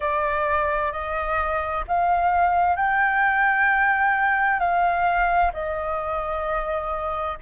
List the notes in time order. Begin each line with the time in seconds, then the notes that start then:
0.00 D5
0.92 D#5
1.87 F5
2.76 G5
4.59 F5
5.53 D#5